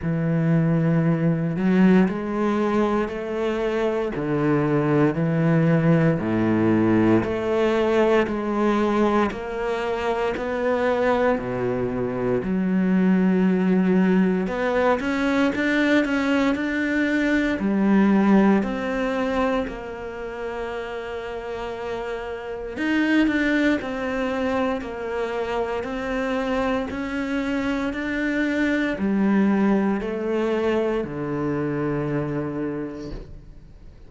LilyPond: \new Staff \with { instrumentName = "cello" } { \time 4/4 \tempo 4 = 58 e4. fis8 gis4 a4 | d4 e4 a,4 a4 | gis4 ais4 b4 b,4 | fis2 b8 cis'8 d'8 cis'8 |
d'4 g4 c'4 ais4~ | ais2 dis'8 d'8 c'4 | ais4 c'4 cis'4 d'4 | g4 a4 d2 | }